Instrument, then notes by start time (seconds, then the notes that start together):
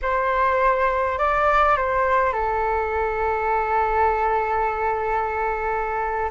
flute
0.02 C5
1.18 D5
1.76 C5
2.32 A4